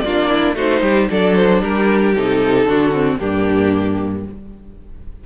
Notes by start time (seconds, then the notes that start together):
0.00 A#3 D4 F4 D5
0.29 E4
0.55 A3 D#4 F#4 C5
0.82 G3 G4
1.09 F#3 D4 A4 D5
1.35 C5
1.62 G3 G4 A#4
2.15 C3 D#4 A4
2.65 D3 D4 F#4
2.93 C4
3.18 G2 A#3 D4 G4